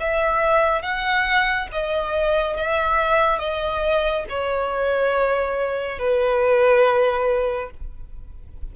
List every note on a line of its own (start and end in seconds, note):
0.00 0.82 E5
0.82 1.68 F#5
1.72 2.56 D#5
2.56 3.39 E5
3.39 4.24 D#5
4.29 5.99 C#5
5.99 7.70 B4